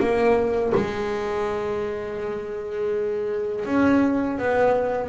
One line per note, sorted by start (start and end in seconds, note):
0.00 0.73 A#3
0.75 3.66 G#3
3.66 4.38 C#4
4.38 5.09 B3